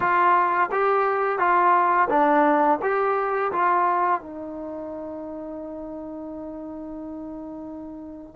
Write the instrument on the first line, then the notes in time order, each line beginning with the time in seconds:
trombone
0.00 F4
0.71 G4
1.38 F4
2.09 D4
2.82 G4
3.52 F4
4.21 D#4